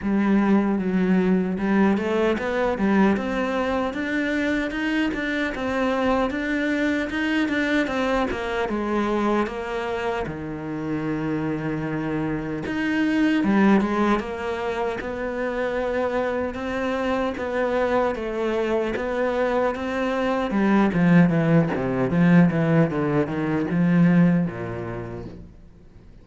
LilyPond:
\new Staff \with { instrumentName = "cello" } { \time 4/4 \tempo 4 = 76 g4 fis4 g8 a8 b8 g8 | c'4 d'4 dis'8 d'8 c'4 | d'4 dis'8 d'8 c'8 ais8 gis4 | ais4 dis2. |
dis'4 g8 gis8 ais4 b4~ | b4 c'4 b4 a4 | b4 c'4 g8 f8 e8 c8 | f8 e8 d8 dis8 f4 ais,4 | }